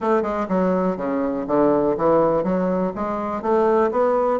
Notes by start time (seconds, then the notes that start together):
0.00 A3
0.22 G#3
0.48 F#3
0.96 C#3
1.47 D3
1.97 E3
2.43 F#3
2.95 G#3
3.41 A3
3.91 B3